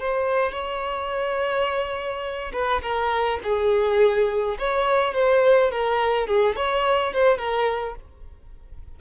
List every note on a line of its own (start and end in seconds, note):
0.00 0.52 C5
0.52 2.52 C#5
2.54 2.82 B4
2.83 3.40 A#4
3.44 4.58 G#4
4.59 5.15 C#5
5.15 5.72 C5
5.72 6.28 A#4
6.28 6.56 G#4
6.57 7.14 C#5
7.14 7.39 C5
7.39 7.96 A#4